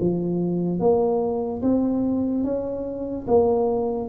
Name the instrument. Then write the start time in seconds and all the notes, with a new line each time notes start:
tuba
0.00 F3
0.79 A#3
1.62 C4
2.44 C#4
3.27 A#3